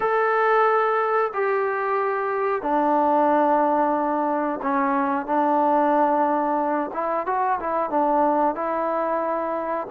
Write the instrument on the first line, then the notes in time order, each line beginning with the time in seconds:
trombone
0.00 A4
1.33 G4
2.62 D4
4.62 C#4
5.25 D4
6.93 E4
7.26 F#4
7.60 E4
7.90 D4
8.55 E4